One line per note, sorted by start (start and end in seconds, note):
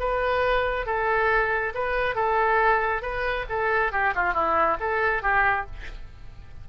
0.00 0.87 B4
0.87 1.74 A4
1.75 2.15 B4
2.15 3.02 A4
3.02 3.46 B4
3.49 3.92 A4
3.92 4.14 G4
4.16 4.34 F4
4.34 4.77 E4
4.80 5.23 A4
5.23 5.66 G4